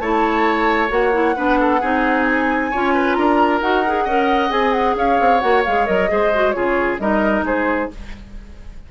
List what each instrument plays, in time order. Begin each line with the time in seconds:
0.00 bassoon A3, clarinet E4, oboe C#5, flute A5
0.89 bassoon A#3, clarinet F#4, flute F#5
1.13 clarinet E4
1.36 bassoon B3, clarinet D4, oboe B4
1.60 oboe A4
1.81 bassoon C4, clarinet D#4, oboe G#4
2.26 flute G#5
2.71 bassoon C#4, clarinet F4, oboe C#5
2.95 oboe B4
3.14 bassoon D4, oboe A#4, flute A#5
3.61 bassoon D#4, clarinet F#4, flute F#5
3.87 clarinet G#4
4.05 bassoon C#4, clarinet A#4, oboe D#5
4.50 bassoon C4, clarinet G#4, flute G#5
4.73 flute F#5
4.96 bassoon C#4, oboe C#5, flute F5
5.21 bassoon C4
5.40 bassoon A#3, clarinet F#4, flute F#5
5.65 bassoon G#3, clarinet G#4, flute F5
5.87 bassoon F#3, clarinet A#4, flute D#5
6.09 bassoon G#3, clarinet G#4, oboe C5
6.34 clarinet F#4
6.52 bassoon C#3, clarinet F4, oboe G#4, flute C#5
7.00 bassoon G3, clarinet D#4, oboe A#4, flute D#5
7.43 bassoon G#3, oboe G#4, flute C5